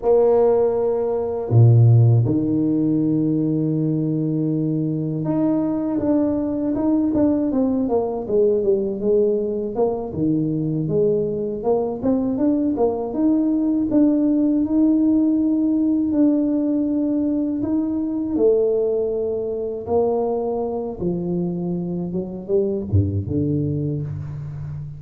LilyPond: \new Staff \with { instrumentName = "tuba" } { \time 4/4 \tempo 4 = 80 ais2 ais,4 dis4~ | dis2. dis'4 | d'4 dis'8 d'8 c'8 ais8 gis8 g8 | gis4 ais8 dis4 gis4 ais8 |
c'8 d'8 ais8 dis'4 d'4 dis'8~ | dis'4. d'2 dis'8~ | dis'8 a2 ais4. | f4. fis8 g8 g,8 d4 | }